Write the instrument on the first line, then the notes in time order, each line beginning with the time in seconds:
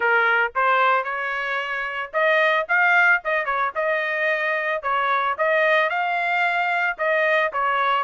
trumpet
0.00 A#4
0.55 C5
1.04 C#5
2.13 D#5
2.68 F5
3.24 D#5
3.45 C#5
3.75 D#5
4.82 C#5
5.38 D#5
5.89 F5
6.98 D#5
7.52 C#5